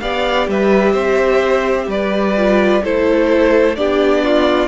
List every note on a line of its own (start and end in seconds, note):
0.00 0.48 B3
0.00 2.35 G4
0.00 0.49 D5
0.00 0.47 F5
0.48 0.94 G3
0.48 0.92 B4
0.48 1.90 E5
0.92 1.87 C4
0.92 1.86 C5
1.87 2.81 G3
1.87 2.83 B4
1.87 2.84 D5
2.36 2.83 F4
2.84 3.78 A3
2.84 3.77 E4
2.84 3.77 A4
2.84 3.76 C5
3.76 4.68 B3
3.76 4.68 D4
3.76 4.24 G4
3.76 4.68 D5
4.24 4.68 F4